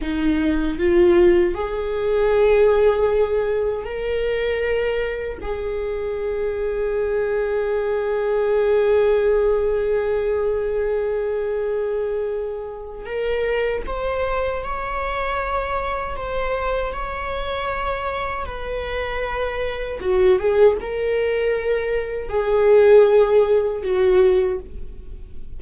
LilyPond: \new Staff \with { instrumentName = "viola" } { \time 4/4 \tempo 4 = 78 dis'4 f'4 gis'2~ | gis'4 ais'2 gis'4~ | gis'1~ | gis'1~ |
gis'4 ais'4 c''4 cis''4~ | cis''4 c''4 cis''2 | b'2 fis'8 gis'8 ais'4~ | ais'4 gis'2 fis'4 | }